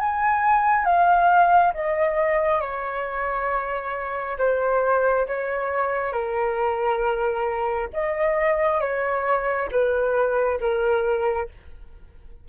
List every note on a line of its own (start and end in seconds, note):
0.00 0.85 G#5
0.85 1.73 F5
1.74 2.61 D#5
2.61 4.38 C#5
4.38 5.27 C5
5.27 6.13 C#5
6.13 7.89 A#4
7.93 8.81 D#5
8.81 9.69 C#5
9.71 10.60 B4
10.61 11.49 A#4